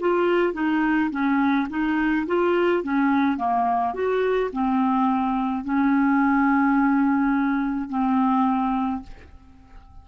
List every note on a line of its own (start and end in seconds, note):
0.00 0.54 F4
0.54 1.10 D#4
1.11 1.68 C#4
1.70 2.26 D#4
2.27 2.83 F4
2.83 3.38 C#4
3.38 3.94 A#3
3.94 4.51 F#4
4.52 5.64 C4
5.64 7.89 C#4
7.89 9.02 C4